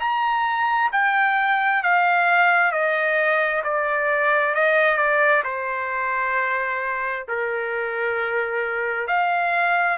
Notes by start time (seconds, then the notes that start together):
0.00 A#5
0.92 G5
1.83 F5
2.72 D#5
3.64 D5
4.55 D#5
4.98 D5
5.44 C5
7.29 A#4
9.07 F5